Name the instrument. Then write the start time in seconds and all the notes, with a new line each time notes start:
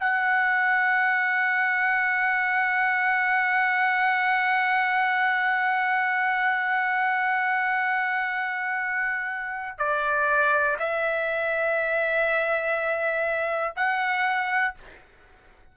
trumpet
0.00 F#5
9.79 D5
10.79 E5
13.77 F#5